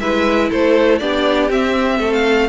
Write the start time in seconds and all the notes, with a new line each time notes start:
0.00 G#3 E4 B4 E5
0.49 A3 A4 C5
0.98 B3 D4 G4 D5
1.50 C4 E5
1.98 A3 A4
2.13 F5